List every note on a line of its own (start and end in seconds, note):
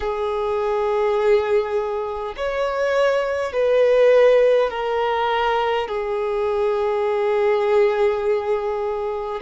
0.00 2.35 G#4
2.36 3.52 C#5
3.52 4.70 B4
4.70 5.88 A#4
5.88 9.41 G#4